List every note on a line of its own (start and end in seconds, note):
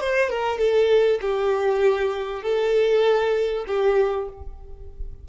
0.00 0.29 C5
0.29 0.58 A#4
0.58 1.19 A4
1.21 2.42 G4
2.42 3.65 A4
3.67 4.28 G4